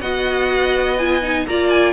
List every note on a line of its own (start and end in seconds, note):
0.00 1.45 B3
0.00 0.98 F#4
0.00 1.46 D#5
0.00 0.97 F#5
0.97 1.22 F4
0.97 1.46 G#5
1.22 1.46 D#4
1.46 1.93 A#3
1.46 1.93 F4
1.46 1.93 D5
1.46 1.70 A#5
1.70 1.93 G#5